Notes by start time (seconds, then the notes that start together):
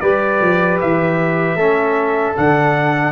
0.00 G3 G4 B4 D5
0.41 F3
0.81 E3 E5
1.55 A3 C#4 A4
2.36 D3 D4 F#5